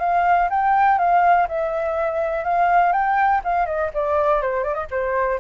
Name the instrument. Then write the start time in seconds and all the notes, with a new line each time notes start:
flute
0.00 F5
0.50 G5
0.98 F5
1.48 E5
2.44 F5
2.92 G5
3.44 F5
3.66 D#5
3.94 D5
4.42 C5
4.63 D5
4.74 D#5
4.91 C5